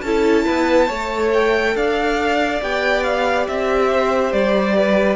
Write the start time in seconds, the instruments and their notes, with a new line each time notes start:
0.00 cello C#4, viola E4, violin A4 A5
0.45 cello B3, violin B4
0.87 cello A3, viola A4, violin C#5
1.33 violin G5
1.75 cello D4, violin D5 F5
2.61 cello B3, viola G4, violin G5
3.03 violin F5
3.47 cello C4, violin E5
3.91 violin C5
4.32 cello G3, violin D5
4.77 violin B4